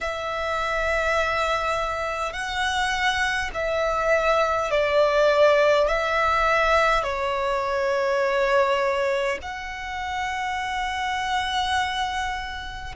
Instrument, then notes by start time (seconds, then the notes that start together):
violin
0.00 E5
2.32 F#5
3.53 E5
4.71 D5
5.88 E5
7.03 C#5
9.42 F#5